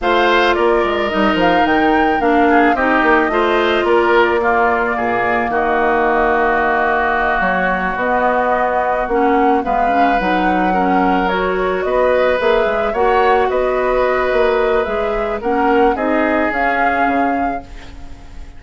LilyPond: <<
  \new Staff \with { instrumentName = "flute" } { \time 4/4 \tempo 4 = 109 f''4 d''4 dis''8 f''8 g''4 | f''4 dis''2 d''4~ | d''2 dis''2~ | dis''4. cis''4 dis''4.~ |
dis''8 fis''4 f''4 fis''4.~ | fis''8 cis''4 dis''4 e''4 fis''8~ | fis''8 dis''2~ dis''8 e''4 | fis''4 dis''4 f''2 | }
  \new Staff \with { instrumentName = "oboe" } { \time 4/4 c''4 ais'2.~ | ais'8 gis'8 g'4 c''4 ais'4 | f'4 gis'4 fis'2~ | fis'1~ |
fis'4. b'2 ais'8~ | ais'4. b'2 cis''8~ | cis''8 b'2.~ b'8 | ais'4 gis'2. | }
  \new Staff \with { instrumentName = "clarinet" } { \time 4/4 f'2 dis'2 | d'4 dis'4 f'2 | ais1~ | ais2~ ais8 b4.~ |
b8 cis'4 b8 cis'8 dis'4 cis'8~ | cis'8 fis'2 gis'4 fis'8~ | fis'2. gis'4 | cis'4 dis'4 cis'2 | }
  \new Staff \with { instrumentName = "bassoon" } { \time 4/4 a4 ais8 gis8 g8 f8 dis4 | ais4 c'8 ais8 a4 ais4~ | ais4 ais,4 dis2~ | dis4. fis4 b4.~ |
b8 ais4 gis4 fis4.~ | fis4. b4 ais8 gis8 ais8~ | ais8 b4. ais4 gis4 | ais4 c'4 cis'4 cis4 | }
>>